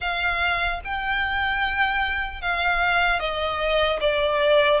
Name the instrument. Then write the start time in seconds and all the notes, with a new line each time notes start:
violin
0.00 F5
0.84 G5
2.41 F5
3.19 D#5
4.00 D5